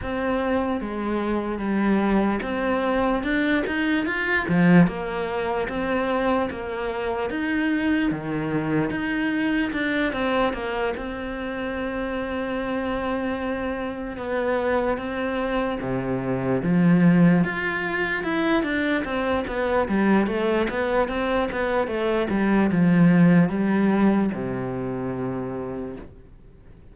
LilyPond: \new Staff \with { instrumentName = "cello" } { \time 4/4 \tempo 4 = 74 c'4 gis4 g4 c'4 | d'8 dis'8 f'8 f8 ais4 c'4 | ais4 dis'4 dis4 dis'4 | d'8 c'8 ais8 c'2~ c'8~ |
c'4. b4 c'4 c8~ | c8 f4 f'4 e'8 d'8 c'8 | b8 g8 a8 b8 c'8 b8 a8 g8 | f4 g4 c2 | }